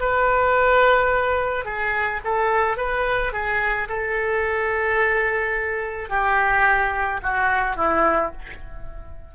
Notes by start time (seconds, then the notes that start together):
0.00 B4
1.65 G#4
2.25 A4
2.77 B4
3.33 G#4
3.89 A4
6.10 G4
7.23 F#4
7.77 E4